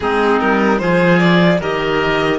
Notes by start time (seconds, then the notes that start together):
0.00 G#3 C4 D#4 G#4
0.39 G3 A#4
0.78 F3 F4 G#4 C5
1.18 D5
1.60 D#3 G4 A#4 D#5